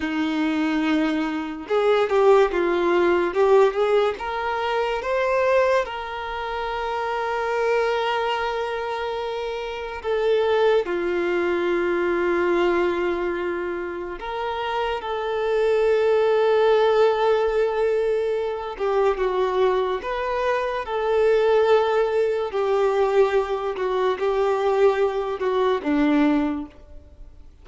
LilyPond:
\new Staff \with { instrumentName = "violin" } { \time 4/4 \tempo 4 = 72 dis'2 gis'8 g'8 f'4 | g'8 gis'8 ais'4 c''4 ais'4~ | ais'1 | a'4 f'2.~ |
f'4 ais'4 a'2~ | a'2~ a'8 g'8 fis'4 | b'4 a'2 g'4~ | g'8 fis'8 g'4. fis'8 d'4 | }